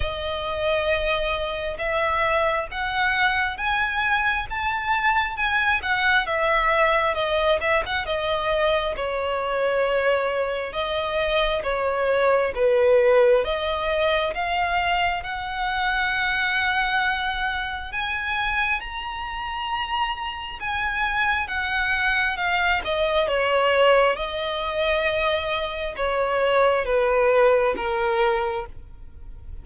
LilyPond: \new Staff \with { instrumentName = "violin" } { \time 4/4 \tempo 4 = 67 dis''2 e''4 fis''4 | gis''4 a''4 gis''8 fis''8 e''4 | dis''8 e''16 fis''16 dis''4 cis''2 | dis''4 cis''4 b'4 dis''4 |
f''4 fis''2. | gis''4 ais''2 gis''4 | fis''4 f''8 dis''8 cis''4 dis''4~ | dis''4 cis''4 b'4 ais'4 | }